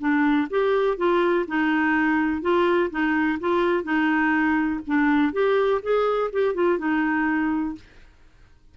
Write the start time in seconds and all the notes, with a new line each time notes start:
0.00 D4
0.51 G4
0.98 F4
1.48 D#4
2.42 F4
2.91 D#4
3.41 F4
3.84 D#4
4.87 D4
5.33 G4
5.83 G#4
6.33 G4
6.55 F4
6.79 D#4